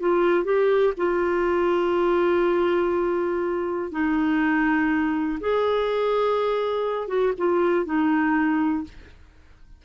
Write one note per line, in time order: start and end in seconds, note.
0.00 0.44 F4
0.44 0.94 G4
0.97 3.92 F4
3.92 5.39 D#4
5.40 7.08 G#4
7.08 7.33 F#4
7.38 7.86 F4
7.86 8.84 D#4